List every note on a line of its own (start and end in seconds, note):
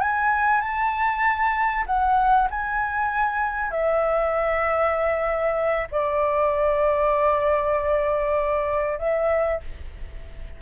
0.00 0.60 G#5
0.60 1.84 A5
1.86 2.48 F#5
2.50 3.71 G#5
3.71 5.87 E5
5.91 8.98 D5
8.98 9.60 E5